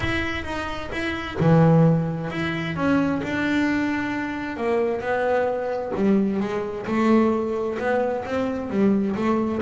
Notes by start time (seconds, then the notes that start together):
0.00 E4
0.44 D#4
0.92 E4
1.39 E3
2.30 E4
2.76 C#4
3.23 D4
4.57 A#3
5.00 B3
5.95 G3
6.40 G#3
6.86 A3
7.78 B3
8.25 C4
8.69 G3
9.16 A3